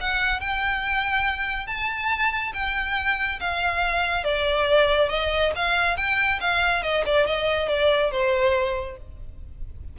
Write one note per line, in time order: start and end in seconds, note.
0.00 0.40 F#5
0.40 1.67 G5
1.67 2.52 A5
2.53 3.39 G5
3.40 4.24 F5
4.24 5.09 D5
5.09 5.51 D#5
5.55 5.96 F5
5.96 6.39 G5
6.40 6.82 F5
6.82 7.04 D#5
7.05 7.26 D5
7.26 7.68 D#5
7.68 8.11 D5
8.11 8.96 C5